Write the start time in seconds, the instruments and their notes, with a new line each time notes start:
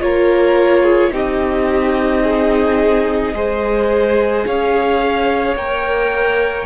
0.00 cello A#3, viola F4, violin A#4 C#5
0.83 violin G#4
1.11 cello C4, viola D#4, violin G4 D#5
2.23 violin G#4
3.34 cello G#3, viola G#4, violin C5
4.46 cello C#4, violin C#5 F5
5.56 cello A#3, viola A#4, violin G5